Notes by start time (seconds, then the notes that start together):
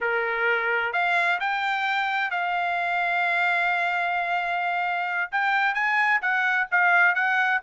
0.00 A#4
0.93 F5
1.40 G5
2.31 F5
5.31 G5
5.74 G#5
6.21 F#5
6.71 F5
7.14 F#5